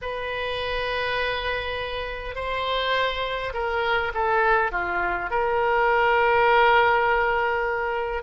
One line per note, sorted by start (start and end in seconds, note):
0.01 2.35 B4
2.35 3.52 C5
3.53 4.12 A#4
4.14 4.71 A4
4.71 5.30 F4
5.30 8.22 A#4